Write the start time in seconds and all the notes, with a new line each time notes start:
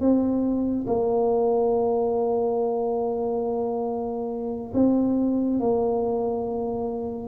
0.00 C4
0.87 A#3
4.74 C4
5.59 A#3